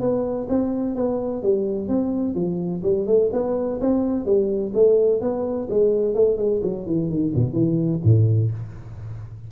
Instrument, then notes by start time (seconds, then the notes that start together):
tuba
0.00 B3
0.49 C4
0.95 B3
1.43 G3
1.88 C4
2.35 F3
2.83 G3
3.07 A3
3.33 B3
3.81 C4
4.26 G3
4.74 A3
5.21 B3
5.70 G#3
6.15 A3
6.37 G#3
6.63 F#3
6.86 E3
7.10 D#3
7.35 B2
7.53 E3
8.04 A2